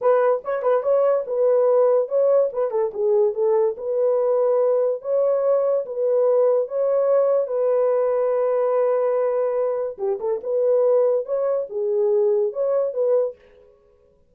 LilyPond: \new Staff \with { instrumentName = "horn" } { \time 4/4 \tempo 4 = 144 b'4 cis''8 b'8 cis''4 b'4~ | b'4 cis''4 b'8 a'8 gis'4 | a'4 b'2. | cis''2 b'2 |
cis''2 b'2~ | b'1 | g'8 a'8 b'2 cis''4 | gis'2 cis''4 b'4 | }